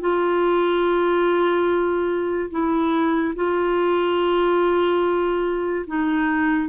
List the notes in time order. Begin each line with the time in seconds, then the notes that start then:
0.00 F4
2.50 E4
3.35 F4
5.86 D#4